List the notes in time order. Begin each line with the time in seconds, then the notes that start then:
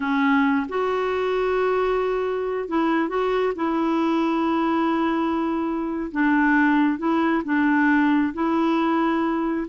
0.00 C#4
0.68 F#4
2.68 E4
3.08 F#4
3.55 E4
6.11 D4
6.98 E4
7.44 D4
8.33 E4